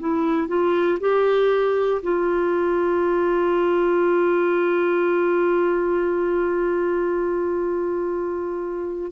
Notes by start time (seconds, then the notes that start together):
0.00 E4
0.48 F4
1.00 G4
2.02 F4